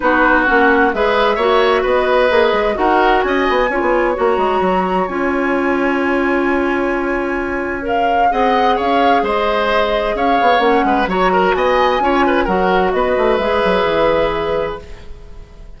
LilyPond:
<<
  \new Staff \with { instrumentName = "flute" } { \time 4/4 \tempo 4 = 130 b'4 fis''4 e''2 | dis''2 fis''4 gis''4~ | gis''4 ais''2 gis''4~ | gis''1~ |
gis''4 f''4 fis''4 f''4 | dis''2 f''4 fis''4 | ais''4 gis''2 fis''4 | dis''4 e''2. | }
  \new Staff \with { instrumentName = "oboe" } { \time 4/4 fis'2 b'4 cis''4 | b'2 ais'4 dis''4 | cis''1~ | cis''1~ |
cis''2 dis''4 cis''4 | c''2 cis''4. b'8 | cis''8 ais'8 dis''4 cis''8 b'8 ais'4 | b'1 | }
  \new Staff \with { instrumentName = "clarinet" } { \time 4/4 dis'4 cis'4 gis'4 fis'4~ | fis'4 gis'4 fis'2 | f'4 fis'2 f'4~ | f'1~ |
f'4 ais'4 gis'2~ | gis'2. cis'4 | fis'2 f'4 fis'4~ | fis'4 gis'2. | }
  \new Staff \with { instrumentName = "bassoon" } { \time 4/4 b4 ais4 gis4 ais4 | b4 ais8 gis8 dis'4 cis'8 b8 | cis'16 b8. ais8 gis8 fis4 cis'4~ | cis'1~ |
cis'2 c'4 cis'4 | gis2 cis'8 b8 ais8 gis8 | fis4 b4 cis'4 fis4 | b8 a8 gis8 fis8 e2 | }
>>